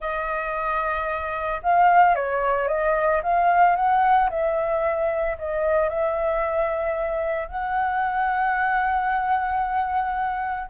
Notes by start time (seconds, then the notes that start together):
0.00 D#5
1.62 F5
2.15 C#5
2.68 D#5
3.22 F5
3.75 F#5
4.30 E5
5.38 D#5
5.89 E5
7.48 F#5